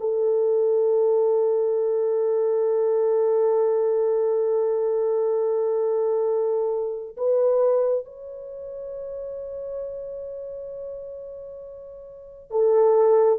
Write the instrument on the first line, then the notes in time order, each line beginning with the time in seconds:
horn
0.00 A4
7.17 B4
8.06 C#5
12.51 A4